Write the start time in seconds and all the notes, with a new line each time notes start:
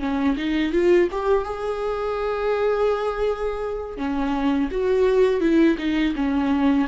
0.00 C#4
0.37 D#4
0.73 F4
1.12 G4
1.45 G#4
3.97 C#4
4.72 F#4
5.41 E4
5.78 D#4
6.16 C#4